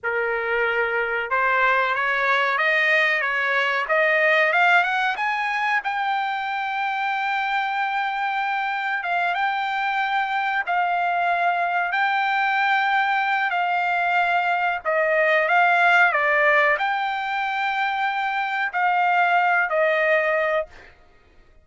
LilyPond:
\new Staff \with { instrumentName = "trumpet" } { \time 4/4 \tempo 4 = 93 ais'2 c''4 cis''4 | dis''4 cis''4 dis''4 f''8 fis''8 | gis''4 g''2.~ | g''2 f''8 g''4.~ |
g''8 f''2 g''4.~ | g''4 f''2 dis''4 | f''4 d''4 g''2~ | g''4 f''4. dis''4. | }